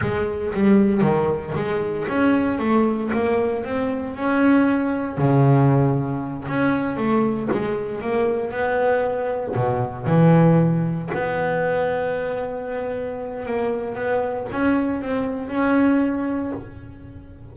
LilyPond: \new Staff \with { instrumentName = "double bass" } { \time 4/4 \tempo 4 = 116 gis4 g4 dis4 gis4 | cis'4 a4 ais4 c'4 | cis'2 cis2~ | cis8 cis'4 a4 gis4 ais8~ |
ais8 b2 b,4 e8~ | e4. b2~ b8~ | b2 ais4 b4 | cis'4 c'4 cis'2 | }